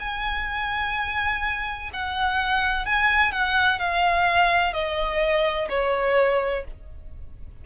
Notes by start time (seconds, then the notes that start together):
0.00 G#5
1.94 F#5
2.86 G#5
3.32 F#5
3.79 F5
4.74 D#5
5.69 C#5